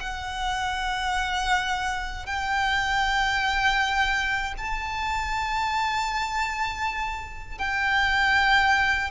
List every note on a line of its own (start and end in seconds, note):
0.00 2.26 F#5
2.26 4.54 G5
4.58 7.58 A5
7.58 9.10 G5